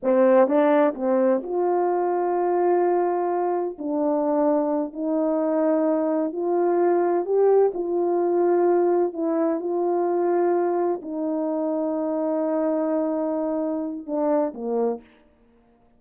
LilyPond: \new Staff \with { instrumentName = "horn" } { \time 4/4 \tempo 4 = 128 c'4 d'4 c'4 f'4~ | f'1 | d'2~ d'8 dis'4.~ | dis'4. f'2 g'8~ |
g'8 f'2. e'8~ | e'8 f'2. dis'8~ | dis'1~ | dis'2 d'4 ais4 | }